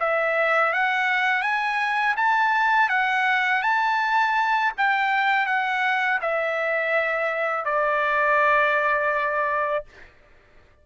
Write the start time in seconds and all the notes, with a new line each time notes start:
0.00 E5
0.73 F#5
1.42 G#5
2.17 A5
2.89 F#5
3.62 A5
4.77 G5
5.46 F#5
6.21 E5
7.65 D5